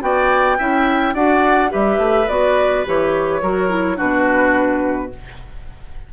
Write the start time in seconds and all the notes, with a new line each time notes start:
0.00 B3 F#4 D5 G5
0.58 C#4 E4 E5
1.14 D4 F#4 D5 F#5
1.69 G3 G4 B4 E5
1.98 A3
2.28 B3 F#4 D5
2.85 E3 G4 C#5
3.42 F#3 F#4 A#4
3.69 E4
3.96 B2 D4 F#4 B4